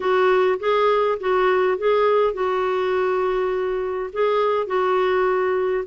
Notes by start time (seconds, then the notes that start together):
0.00 F#4
0.59 G#4
1.20 F#4
1.78 G#4
2.33 F#4
4.13 G#4
4.66 F#4